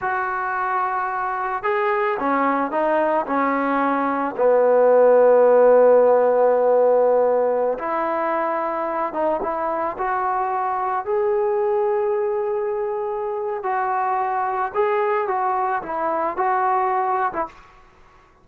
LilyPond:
\new Staff \with { instrumentName = "trombone" } { \time 4/4 \tempo 4 = 110 fis'2. gis'4 | cis'4 dis'4 cis'2 | b1~ | b2~ b16 e'4.~ e'16~ |
e'8. dis'8 e'4 fis'4.~ fis'16~ | fis'16 gis'2.~ gis'8.~ | gis'4 fis'2 gis'4 | fis'4 e'4 fis'4.~ fis'16 e'16 | }